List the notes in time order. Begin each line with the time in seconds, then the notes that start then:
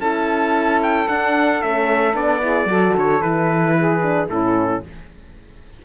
0.00 C#4 E4 A4 A5
0.83 G5
1.07 D4 F#5
1.62 A3 C#4 E5
2.13 B3 D4 D5
2.40 E4 G#4
2.65 F#3 F#4 A4
2.97 D3 C#5
3.22 E3 E4 B4
3.78 G#4
4.02 D4
4.28 A2 C#4 E4 A4